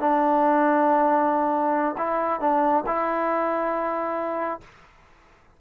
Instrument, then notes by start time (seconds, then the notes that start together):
trombone
0.00 D4
1.97 E4
2.40 D4
2.86 E4